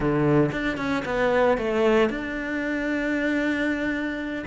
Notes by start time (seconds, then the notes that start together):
0.00 D3
0.51 D4
0.77 C#4
1.05 B3
1.57 A3
2.09 D4